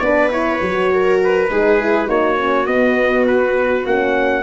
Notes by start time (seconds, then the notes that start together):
0.00 B3 D4 B4 D5
0.31 E4 C#5
0.62 F#3 F#4
0.94 A#4
1.24 B4
1.51 G#3 D#4 G#4
1.80 E4
2.07 A#3 D#4 F#4 C#5
2.37 C#4
2.67 B3 D#5
3.27 B4
3.86 A#3 C#4 F#5